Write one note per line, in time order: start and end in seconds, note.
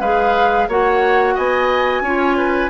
0.00 0.67 G#3
0.00 0.70 G#4
0.00 0.68 B4
0.00 0.68 F5
0.68 1.36 A#3
0.68 2.04 F#4
0.68 1.35 C#5
0.68 1.37 F#5
1.35 2.01 B3
1.35 2.02 D#5
1.35 2.70 G#5
2.01 2.68 C#4
2.01 2.70 F4
2.01 2.37 C#5
2.37 2.70 B4